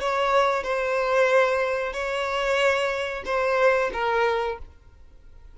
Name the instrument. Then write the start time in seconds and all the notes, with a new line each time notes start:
violin
0.00 C#5
0.63 C5
1.92 C#5
3.25 C5
3.93 A#4